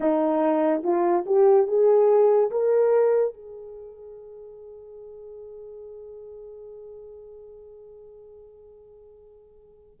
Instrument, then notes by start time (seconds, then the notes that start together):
horn
0.00 D#4
0.83 F4
1.26 G4
1.67 G#4
2.50 A#4
3.34 G#4